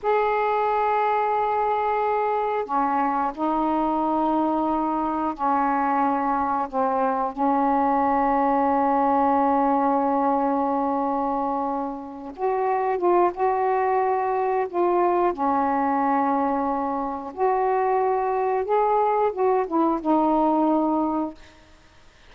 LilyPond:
\new Staff \with { instrumentName = "saxophone" } { \time 4/4 \tempo 4 = 90 gis'1 | cis'4 dis'2. | cis'2 c'4 cis'4~ | cis'1~ |
cis'2~ cis'8 fis'4 f'8 | fis'2 f'4 cis'4~ | cis'2 fis'2 | gis'4 fis'8 e'8 dis'2 | }